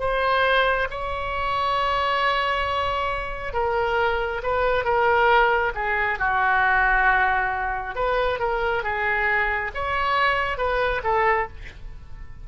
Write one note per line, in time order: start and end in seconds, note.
0.00 0.88 C5
0.91 3.54 C#5
3.54 4.42 A#4
4.43 4.84 B4
4.84 5.73 A#4
5.75 6.19 G#4
6.19 7.96 F#4
7.96 8.39 B4
8.39 8.84 A#4
8.84 9.72 G#4
9.75 10.58 C#5
10.58 11.02 B4
11.04 11.48 A4